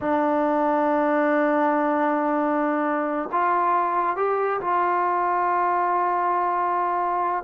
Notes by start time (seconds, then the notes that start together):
0.00 D4
3.31 F4
4.16 G4
4.60 F4